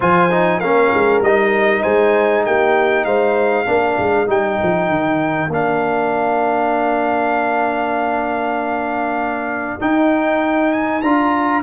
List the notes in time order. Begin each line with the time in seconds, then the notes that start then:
0.00 F3 F4 C5 G#5
0.31 D#4
0.59 A#3 C#4 A#4 F5
0.93 G#3
1.21 G3 D#4 D#5
1.81 G#3 C5 G#5
2.45 A#3 G4 G5
3.05 G#3 C5 F5
3.65 A#3 D4 A#4
3.98 G#3
4.27 G3 D#4 G5
4.62 F3
4.89 D#3
5.48 A#3 D4 F5
9.79 D#4 G5
10.72 G#5
11.01 D4 F4 A#5